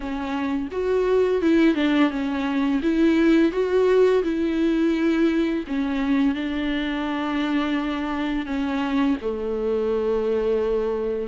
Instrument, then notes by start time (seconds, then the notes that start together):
viola
0.00 C#4
0.71 F#4
1.41 E4
1.75 D4
2.10 C#4
2.82 E4
3.52 F#4
4.23 E4
5.67 C#4
6.34 D4
8.45 C#4
9.21 A3